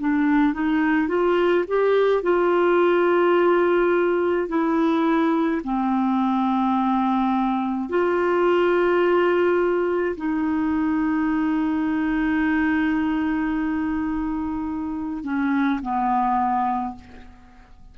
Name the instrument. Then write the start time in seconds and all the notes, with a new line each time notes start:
clarinet
0.00 D4
0.54 D#4
1.09 F4
1.68 G4
2.23 F4
4.49 E4
5.64 C4
7.90 F4
10.17 D#4
15.24 C#4
15.82 B3